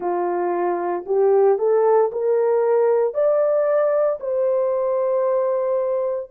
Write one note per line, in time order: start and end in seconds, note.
0.00 1.04 F4
1.05 1.58 G4
1.58 2.11 A4
2.11 3.13 A#4
3.13 4.19 D5
4.20 6.30 C5